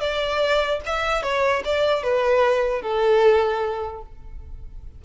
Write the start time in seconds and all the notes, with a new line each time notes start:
0.00 D5
0.85 E5
1.22 C#5
1.64 D5
2.03 B4
2.81 A4